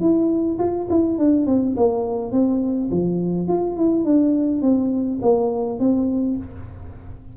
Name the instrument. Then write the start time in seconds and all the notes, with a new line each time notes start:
tuba
0.00 E4
0.58 F4
0.89 E4
1.18 D4
1.46 C4
1.76 A#3
2.32 C4
2.91 F3
3.47 F4
3.76 E4
4.04 D4
4.61 C4
5.22 A#3
5.79 C4